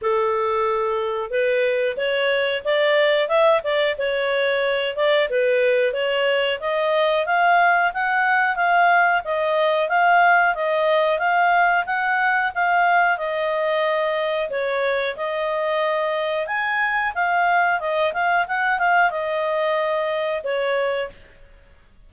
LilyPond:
\new Staff \with { instrumentName = "clarinet" } { \time 4/4 \tempo 4 = 91 a'2 b'4 cis''4 | d''4 e''8 d''8 cis''4. d''8 | b'4 cis''4 dis''4 f''4 | fis''4 f''4 dis''4 f''4 |
dis''4 f''4 fis''4 f''4 | dis''2 cis''4 dis''4~ | dis''4 gis''4 f''4 dis''8 f''8 | fis''8 f''8 dis''2 cis''4 | }